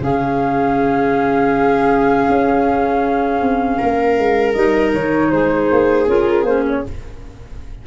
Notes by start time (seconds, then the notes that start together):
0.00 C#3 C#4 G#4 F5
2.29 C#4
3.41 C4
3.78 A#3 A#4
4.18 G#3
4.53 G3 D#4 D#5
4.94 D#3 C#5
5.31 G#3 G#4 C5
5.72 A#3
6.08 C#4 F4 A#4
6.43 A#3 C#4 C5
6.68 C#5